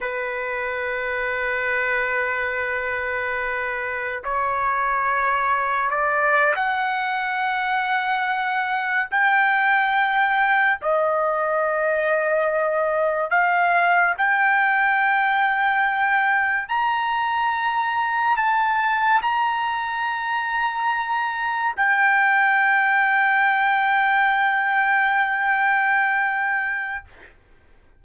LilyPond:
\new Staff \with { instrumentName = "trumpet" } { \time 4/4 \tempo 4 = 71 b'1~ | b'4 cis''2 d''8. fis''16~ | fis''2~ fis''8. g''4~ g''16~ | g''8. dis''2. f''16~ |
f''8. g''2. ais''16~ | ais''4.~ ais''16 a''4 ais''4~ ais''16~ | ais''4.~ ais''16 g''2~ g''16~ | g''1 | }